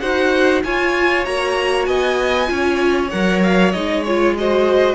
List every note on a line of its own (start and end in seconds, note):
0.00 0.64 D#4
0.00 0.63 F#4
0.00 0.63 C5
0.00 0.62 F#5
0.64 1.26 F4
0.64 1.24 F4
0.64 1.88 C#5
0.64 1.25 G#5
1.24 1.87 A#3
1.24 2.46 F#4
1.24 1.85 A#5
1.85 2.49 B3
1.85 2.50 D#5
1.85 3.09 G#5
2.46 3.12 C#4
2.46 3.08 F4
2.46 4.37 C#5
3.10 3.74 F#3
3.10 3.73 A#4
3.10 3.41 F#5
3.43 3.72 F5
3.72 4.95 G#3
3.72 4.05 D#4
3.72 4.03 D#5
4.04 4.37 F4
4.04 4.35 C#5
4.37 4.95 F#4
4.37 4.95 C5
4.37 4.95 D#5